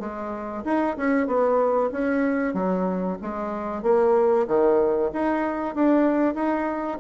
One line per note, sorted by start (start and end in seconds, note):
0.00 0.64 G#3
0.65 0.97 D#4
0.97 1.27 C#4
1.27 1.91 B3
1.92 2.54 C#4
2.54 3.18 F#3
3.22 3.83 G#3
3.83 4.47 A#3
4.48 5.12 D#3
5.13 5.75 D#4
5.75 6.35 D4
6.35 6.99 D#4